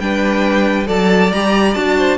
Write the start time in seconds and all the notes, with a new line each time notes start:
0.00 G3 D4 B4 G5
0.86 F#3 A4 D5 A5
1.32 G3 G4 A#5
1.74 D4 F#4 A5
1.98 C5